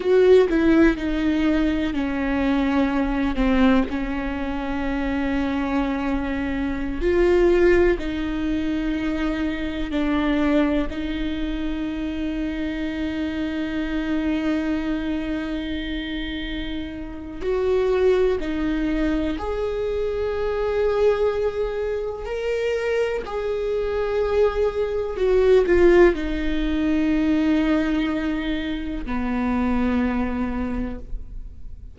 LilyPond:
\new Staff \with { instrumentName = "viola" } { \time 4/4 \tempo 4 = 62 fis'8 e'8 dis'4 cis'4. c'8 | cis'2.~ cis'16 f'8.~ | f'16 dis'2 d'4 dis'8.~ | dis'1~ |
dis'2 fis'4 dis'4 | gis'2. ais'4 | gis'2 fis'8 f'8 dis'4~ | dis'2 b2 | }